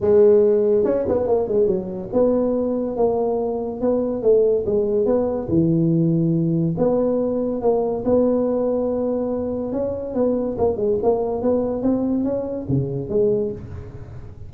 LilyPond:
\new Staff \with { instrumentName = "tuba" } { \time 4/4 \tempo 4 = 142 gis2 cis'8 b8 ais8 gis8 | fis4 b2 ais4~ | ais4 b4 a4 gis4 | b4 e2. |
b2 ais4 b4~ | b2. cis'4 | b4 ais8 gis8 ais4 b4 | c'4 cis'4 cis4 gis4 | }